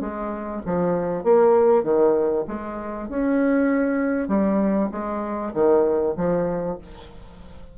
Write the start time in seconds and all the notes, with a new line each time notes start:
0.00 G#3
0.65 F3
1.23 A#3
1.83 D#3
2.47 G#3
3.08 C#4
4.27 G3
4.91 G#3
5.53 D#3
6.16 F3